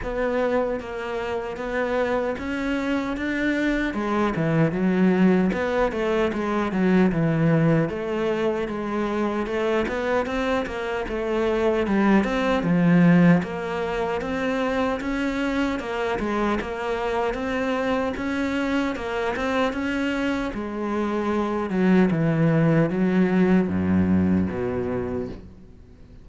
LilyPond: \new Staff \with { instrumentName = "cello" } { \time 4/4 \tempo 4 = 76 b4 ais4 b4 cis'4 | d'4 gis8 e8 fis4 b8 a8 | gis8 fis8 e4 a4 gis4 | a8 b8 c'8 ais8 a4 g8 c'8 |
f4 ais4 c'4 cis'4 | ais8 gis8 ais4 c'4 cis'4 | ais8 c'8 cis'4 gis4. fis8 | e4 fis4 fis,4 b,4 | }